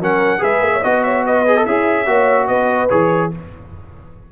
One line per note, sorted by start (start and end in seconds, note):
0.00 0.41 F#3
0.00 0.39 C#4
0.00 0.41 A#4
0.00 0.43 F#5
0.39 0.61 G#3
0.39 0.81 G#4
0.39 0.72 B4
0.39 0.84 E5
0.61 0.82 A#3
0.73 0.82 C#5
0.82 1.67 B3
0.82 1.46 F#4
0.82 1.03 D#5
0.82 1.04 D#5
1.04 1.25 C#5
1.04 1.25 E5
1.25 1.64 B4
1.25 1.66 D#5
1.47 1.57 G#4
1.57 1.67 A4
1.64 2.07 C#4
1.64 2.06 E4
1.64 2.07 G#4
1.64 2.48 E5
2.07 2.49 A#3
2.07 2.89 F#4
2.07 2.48 C#5
2.48 2.90 B3
2.48 3.31 B4
2.48 2.89 D#5
2.90 3.33 E3
2.90 3.32 G#4
2.90 3.31 C#5